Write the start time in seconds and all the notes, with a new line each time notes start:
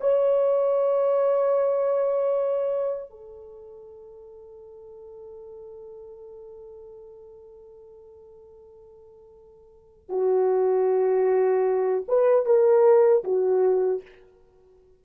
0.00 C#5
3.10 A4
10.09 F#4
12.08 B4
12.45 A#4
13.24 F#4